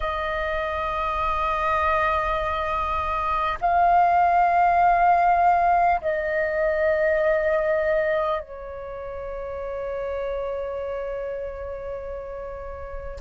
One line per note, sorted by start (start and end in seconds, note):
0.00 3.58 D#5
3.61 6.01 F5
6.01 8.40 D#5
8.40 13.20 C#5